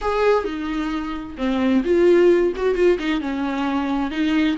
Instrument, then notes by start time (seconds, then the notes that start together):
viola
0.01 G#4
0.44 D#4
1.37 C4
1.84 F4
2.55 F#4
2.75 F4
2.99 D#4
3.20 C#4
4.10 D#4